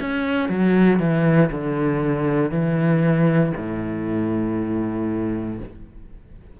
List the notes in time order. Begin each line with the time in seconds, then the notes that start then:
0.00 C#4
0.49 F#3
0.99 E3
1.51 D3
2.51 E3
3.56 A2